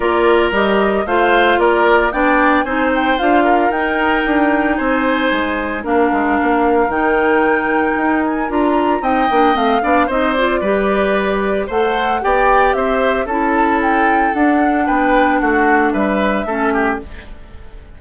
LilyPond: <<
  \new Staff \with { instrumentName = "flute" } { \time 4/4 \tempo 4 = 113 d''4 dis''4 f''4 d''4 | g''4 gis''8 g''8 f''4 g''4~ | g''4 gis''2 f''4~ | f''4 g''2~ g''8 gis''8 |
ais''4 g''4 f''4 dis''8 d''8~ | d''2 fis''4 g''4 | e''4 a''4 g''4 fis''4 | g''4 fis''4 e''2 | }
  \new Staff \with { instrumentName = "oboe" } { \time 4/4 ais'2 c''4 ais'4 | d''4 c''4. ais'4.~ | ais'4 c''2 ais'4~ | ais'1~ |
ais'4 dis''4. d''8 c''4 | b'2 c''4 d''4 | c''4 a'2. | b'4 fis'4 b'4 a'8 g'8 | }
  \new Staff \with { instrumentName = "clarinet" } { \time 4/4 f'4 g'4 f'2 | d'4 dis'4 f'4 dis'4~ | dis'2. d'4~ | d'4 dis'2. |
f'4 dis'8 d'8 c'8 d'8 dis'8 f'8 | g'2 a'4 g'4~ | g'4 e'2 d'4~ | d'2. cis'4 | }
  \new Staff \with { instrumentName = "bassoon" } { \time 4/4 ais4 g4 a4 ais4 | b4 c'4 d'4 dis'4 | d'4 c'4 gis4 ais8 gis8 | ais4 dis2 dis'4 |
d'4 c'8 ais8 a8 b8 c'4 | g2 a4 b4 | c'4 cis'2 d'4 | b4 a4 g4 a4 | }
>>